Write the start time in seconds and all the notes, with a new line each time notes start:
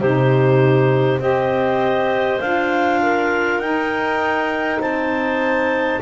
0.00 C3 D#4 G4 C5
1.20 C4 G4 C5 D#5
2.41 D4 F4 F5
3.02 A#4
3.59 D#4 G5
4.80 C4 C5 A5